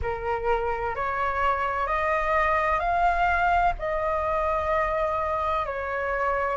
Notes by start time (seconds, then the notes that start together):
0.02 A#4
0.95 C#5
1.87 D#5
2.79 F5
3.78 D#5
5.65 C#5